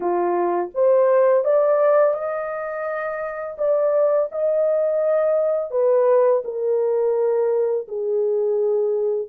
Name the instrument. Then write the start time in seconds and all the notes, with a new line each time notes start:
horn
0.00 F4
0.74 C5
1.44 D5
2.14 D#5
3.57 D5
4.31 D#5
5.70 B4
6.44 A#4
7.88 G#4